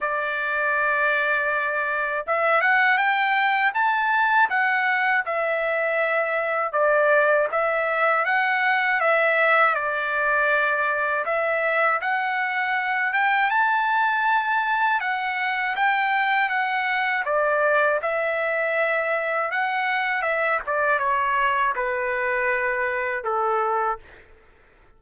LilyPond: \new Staff \with { instrumentName = "trumpet" } { \time 4/4 \tempo 4 = 80 d''2. e''8 fis''8 | g''4 a''4 fis''4 e''4~ | e''4 d''4 e''4 fis''4 | e''4 d''2 e''4 |
fis''4. g''8 a''2 | fis''4 g''4 fis''4 d''4 | e''2 fis''4 e''8 d''8 | cis''4 b'2 a'4 | }